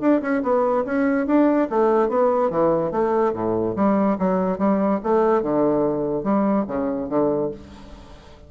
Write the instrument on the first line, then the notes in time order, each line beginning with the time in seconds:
bassoon
0.00 D4
0.21 C#4
0.42 B3
0.85 C#4
1.26 D4
1.70 A3
2.09 B3
2.50 E3
2.91 A3
3.33 A2
3.76 G3
4.18 F#3
4.58 G3
5.03 A3
5.42 D3
6.23 G3
6.67 C#3
7.09 D3